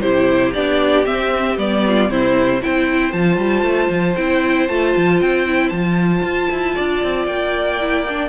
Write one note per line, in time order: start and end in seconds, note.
0.00 0.54 C3
0.00 0.54 E4
0.00 1.83 G4
0.00 0.52 C5
0.53 1.06 B3
0.53 1.05 D4
0.53 1.05 D5
1.05 1.57 C4
1.05 1.57 E5
1.57 2.09 G3
1.57 2.09 B3
1.57 2.10 D5
1.86 2.10 F4
2.09 2.60 C3
2.09 2.61 C4
2.09 2.62 E4
2.09 2.62 C5
2.62 3.13 C4
2.62 3.12 E4
2.62 6.75 C5
2.62 3.12 G5
3.12 3.37 F3
3.12 4.16 F4
3.12 4.15 A5
3.37 3.62 G3
3.62 3.88 A3
3.89 4.15 F3
4.16 4.69 C4
4.16 4.69 E4
4.16 4.67 G5
4.68 4.95 A3
4.68 5.46 F4
4.68 5.19 A5
4.96 5.21 F3
5.21 5.71 C4
5.21 5.69 G5
5.46 5.72 E4
5.69 6.23 F3
5.69 7.79 F4
5.69 7.24 A5
6.23 6.49 F4
6.51 6.77 E4
6.75 7.03 D4
6.75 8.29 D5
7.03 7.27 C4
7.26 8.29 A#3
7.26 8.29 G5
7.80 8.06 E4
8.08 8.29 D4